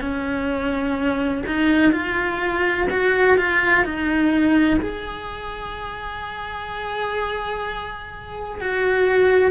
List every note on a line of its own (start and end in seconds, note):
0.00 1.43 C#4
1.46 1.92 D#4
1.92 2.87 F4
2.90 3.37 F#4
3.37 3.84 F4
3.84 4.79 D#4
4.80 8.60 G#4
8.60 9.51 F#4